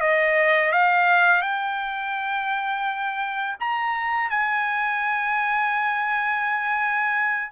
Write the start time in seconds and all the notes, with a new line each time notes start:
0.00 D#5
0.71 F5
1.42 G5
3.60 A#5
4.30 G#5